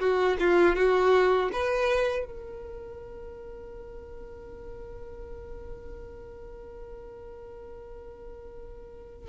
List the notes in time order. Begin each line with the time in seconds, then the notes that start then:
0.00 F#4
0.40 F4
0.76 F#4
1.53 B4
2.26 A#4